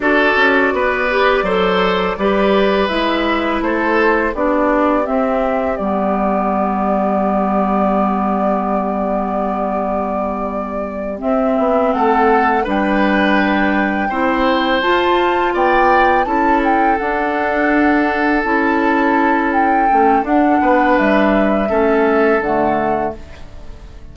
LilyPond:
<<
  \new Staff \with { instrumentName = "flute" } { \time 4/4 \tempo 4 = 83 d''1 | e''4 c''4 d''4 e''4 | d''1~ | d''2.~ d''8 e''8~ |
e''8 fis''4 g''2~ g''8~ | g''8 a''4 g''4 a''8 g''8 fis''8~ | fis''4. a''4. g''4 | fis''4 e''2 fis''4 | }
  \new Staff \with { instrumentName = "oboe" } { \time 4/4 a'4 b'4 c''4 b'4~ | b'4 a'4 g'2~ | g'1~ | g'1~ |
g'8 a'4 b'2 c''8~ | c''4. d''4 a'4.~ | a'1~ | a'8 b'4. a'2 | }
  \new Staff \with { instrumentName = "clarinet" } { \time 4/4 fis'4. g'8 a'4 g'4 | e'2 d'4 c'4 | b1~ | b2.~ b8 c'8~ |
c'4. d'2 e'8~ | e'8 f'2 e'4 d'8~ | d'4. e'2 cis'8 | d'2 cis'4 a4 | }
  \new Staff \with { instrumentName = "bassoon" } { \time 4/4 d'8 cis'8 b4 fis4 g4 | gis4 a4 b4 c'4 | g1~ | g2.~ g8 c'8 |
b8 a4 g2 c'8~ | c'8 f'4 b4 cis'4 d'8~ | d'4. cis'2 a8 | d'8 b8 g4 a4 d4 | }
>>